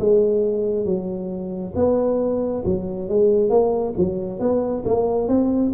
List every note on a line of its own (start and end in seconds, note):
0.00 0.85 G#3
0.85 1.74 F#3
1.76 2.64 B3
2.66 3.09 F#3
3.09 3.50 G#3
3.50 3.94 A#3
3.98 4.40 F#3
4.40 4.84 B3
4.85 5.29 A#3
5.29 5.73 C4